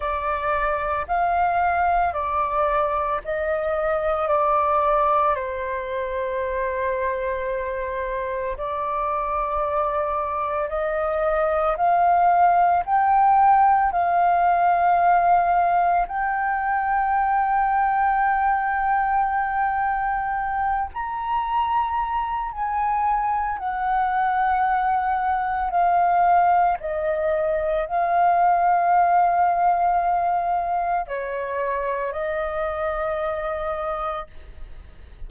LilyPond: \new Staff \with { instrumentName = "flute" } { \time 4/4 \tempo 4 = 56 d''4 f''4 d''4 dis''4 | d''4 c''2. | d''2 dis''4 f''4 | g''4 f''2 g''4~ |
g''2.~ g''8 ais''8~ | ais''4 gis''4 fis''2 | f''4 dis''4 f''2~ | f''4 cis''4 dis''2 | }